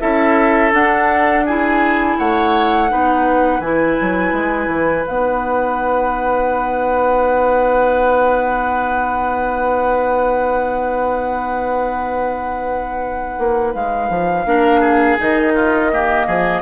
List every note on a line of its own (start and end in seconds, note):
0.00 0.73 C#4
0.00 0.72 E4
0.00 1.46 A4
0.00 0.72 E5
0.72 1.45 D4
0.72 2.17 D4
0.72 1.46 F#5
1.46 2.89 E4
1.46 2.18 G#4
1.46 2.18 G#5
2.18 2.92 A3
2.18 2.91 C#5
2.18 3.61 F#5
2.89 3.60 B3
2.89 3.61 D#4
2.89 14.47 B4
3.60 3.96 E3
3.60 5.07 E4
3.60 5.05 G#5
4.01 4.32 F#3
4.32 4.67 G#3
4.67 5.03 E3
5.07 13.38 B3
5.07 14.46 D#4
5.07 13.74 F#5
13.38 13.74 A#3
13.74 14.09 G#3
13.74 15.19 F5
14.09 14.45 F3
14.45 15.18 A#3
14.45 15.18 D4
14.45 14.81 A#4
14.81 15.53 G#4
15.18 16.27 D#3
15.18 15.91 D#4
15.18 16.62 D#5
15.55 15.91 F4
15.92 16.62 A#3
15.92 16.27 G4
16.27 16.62 F3
16.27 16.62 G#4